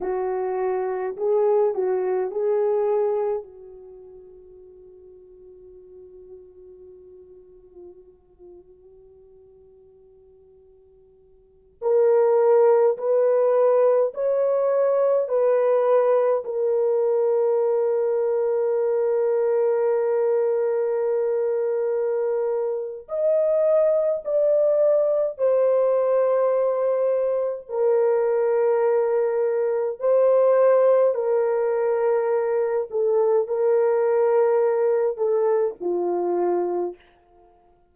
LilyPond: \new Staff \with { instrumentName = "horn" } { \time 4/4 \tempo 4 = 52 fis'4 gis'8 fis'8 gis'4 fis'4~ | fis'1~ | fis'2~ fis'16 ais'4 b'8.~ | b'16 cis''4 b'4 ais'4.~ ais'16~ |
ais'1 | dis''4 d''4 c''2 | ais'2 c''4 ais'4~ | ais'8 a'8 ais'4. a'8 f'4 | }